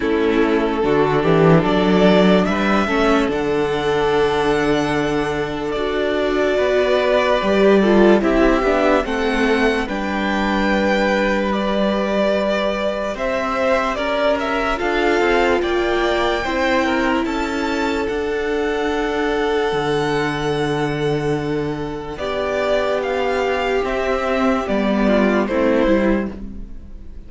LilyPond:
<<
  \new Staff \with { instrumentName = "violin" } { \time 4/4 \tempo 4 = 73 a'2 d''4 e''4 | fis''2. d''4~ | d''2 e''4 fis''4 | g''2 d''2 |
e''4 d''8 e''8 f''4 g''4~ | g''4 a''4 fis''2~ | fis''2. d''4 | f''4 e''4 d''4 c''4 | }
  \new Staff \with { instrumentName = "violin" } { \time 4/4 e'4 fis'8 g'8 a'4 b'8 a'8~ | a'1 | b'4. a'8 g'4 a'4 | b'1 |
c''4 ais'4 a'4 d''4 | c''8 ais'8 a'2.~ | a'2. g'4~ | g'2~ g'8 f'8 e'4 | }
  \new Staff \with { instrumentName = "viola" } { \time 4/4 cis'4 d'2~ d'8 cis'8 | d'2. fis'4~ | fis'4 g'8 f'8 e'8 d'8 c'4 | d'2 g'2~ |
g'2 f'2 | e'2 d'2~ | d'1~ | d'4 c'4 b4 c'8 e'8 | }
  \new Staff \with { instrumentName = "cello" } { \time 4/4 a4 d8 e8 fis4 g8 a8 | d2. d'4 | b4 g4 c'8 b8 a4 | g1 |
c'4 cis'4 d'8 c'8 ais4 | c'4 cis'4 d'2 | d2. b4~ | b4 c'4 g4 a8 g8 | }
>>